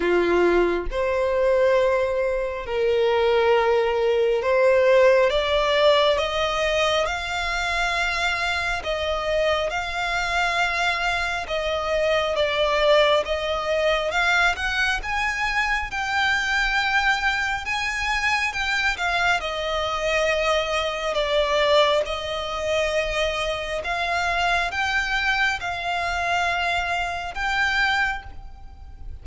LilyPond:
\new Staff \with { instrumentName = "violin" } { \time 4/4 \tempo 4 = 68 f'4 c''2 ais'4~ | ais'4 c''4 d''4 dis''4 | f''2 dis''4 f''4~ | f''4 dis''4 d''4 dis''4 |
f''8 fis''8 gis''4 g''2 | gis''4 g''8 f''8 dis''2 | d''4 dis''2 f''4 | g''4 f''2 g''4 | }